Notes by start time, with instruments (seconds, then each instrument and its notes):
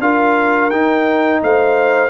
0.00 tuba D4, trombone F4, horn A#4, trumpet F5
0.70 tuba D#4, trombone D#4, trumpet G5
1.43 tuba A3, horn C5, trumpet F5